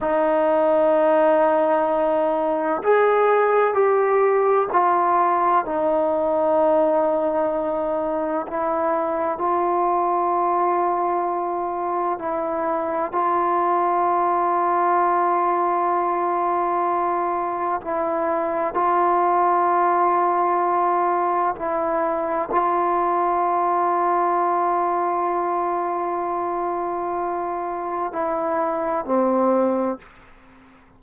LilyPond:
\new Staff \with { instrumentName = "trombone" } { \time 4/4 \tempo 4 = 64 dis'2. gis'4 | g'4 f'4 dis'2~ | dis'4 e'4 f'2~ | f'4 e'4 f'2~ |
f'2. e'4 | f'2. e'4 | f'1~ | f'2 e'4 c'4 | }